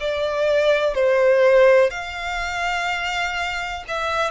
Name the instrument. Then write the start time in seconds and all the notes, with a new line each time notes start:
violin
0.00 D5
0.95 C5
1.90 F5
3.88 E5